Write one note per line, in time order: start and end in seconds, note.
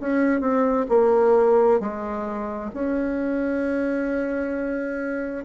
0.00 0.40 C#4
0.40 0.86 C4
0.89 1.80 A#3
1.80 2.71 G#3
2.73 5.44 C#4